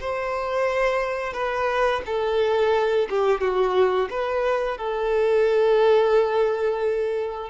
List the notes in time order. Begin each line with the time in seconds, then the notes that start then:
0.00 C5
1.33 B4
2.06 A4
3.09 G4
3.40 F#4
4.09 B4
4.77 A4